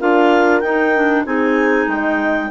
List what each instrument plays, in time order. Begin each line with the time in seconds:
0.00 bassoon D4, clarinet F4 F5, horn A#4
0.61 bassoon D#4, clarinet D#4 G5
0.95 clarinet D4
1.26 bassoon C4, clarinet D#4 G#5, horn G#4
1.87 bassoon G#3, horn D#5, clarinet G5